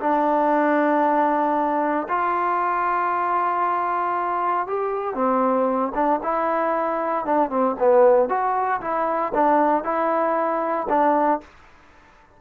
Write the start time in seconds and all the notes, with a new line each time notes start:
0.00 D4
2.08 F4
4.66 G4
5.14 C4
5.94 D4
6.23 E4
7.25 D4
7.49 C4
7.79 B3
8.29 F#4
8.80 E4
9.34 D4
9.83 E4
10.89 D4